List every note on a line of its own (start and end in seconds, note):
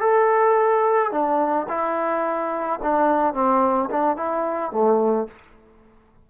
0.00 1.11 A4
1.11 1.67 D4
1.68 2.80 E4
2.83 3.34 D4
3.34 3.89 C4
3.90 4.16 D4
4.16 4.72 E4
4.72 5.27 A3